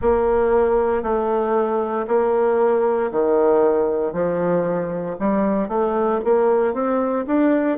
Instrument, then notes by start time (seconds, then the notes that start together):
bassoon
0.01 A#3
1.03 A3
2.07 A#3
3.11 D#3
4.12 F3
5.19 G3
5.68 A3
6.24 A#3
6.73 C4
7.26 D4